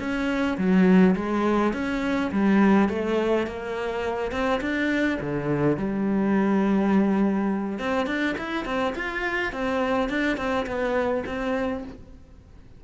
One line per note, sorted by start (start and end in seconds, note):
0.00 0.58 C#4
0.58 1.16 F#3
1.16 1.73 G#3
1.73 2.31 C#4
2.32 2.89 G3
2.89 3.47 A3
3.47 4.32 A#3
4.32 4.61 C4
4.61 5.19 D4
5.21 5.78 D3
5.78 7.79 G3
7.79 8.07 C4
8.07 8.36 D4
8.38 8.66 E4
8.66 8.94 C4
8.96 9.53 F4
9.53 10.10 C4
10.10 10.38 D4
10.38 10.67 C4
10.67 11.24 B3
11.27 11.84 C4